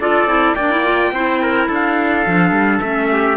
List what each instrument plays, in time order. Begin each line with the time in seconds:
0.00 cello D4, clarinet F4, trumpet A4 D5
0.26 cello C4, clarinet E4
0.55 cello A#3, clarinet D4, trumpet D5 G5
0.71 clarinet E4
0.85 clarinet F4
1.12 cello C4, clarinet E4, trumpet C5
1.43 trumpet A#4
1.69 cello D4, trumpet A4
1.75 trumpet F5
2.27 cello F3, clarinet D4
2.51 cello G3
2.81 cello A3, clarinet C#4, trumpet E5
3.12 trumpet G4